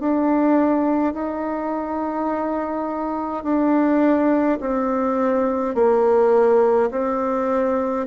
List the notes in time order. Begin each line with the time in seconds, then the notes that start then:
0.00 D4
1.14 D#4
3.44 D4
4.60 C4
5.75 A#3
6.91 C4